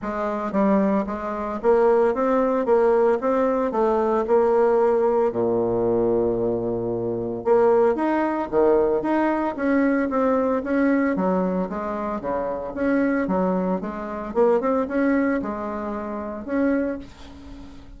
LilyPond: \new Staff \with { instrumentName = "bassoon" } { \time 4/4 \tempo 4 = 113 gis4 g4 gis4 ais4 | c'4 ais4 c'4 a4 | ais2 ais,2~ | ais,2 ais4 dis'4 |
dis4 dis'4 cis'4 c'4 | cis'4 fis4 gis4 cis4 | cis'4 fis4 gis4 ais8 c'8 | cis'4 gis2 cis'4 | }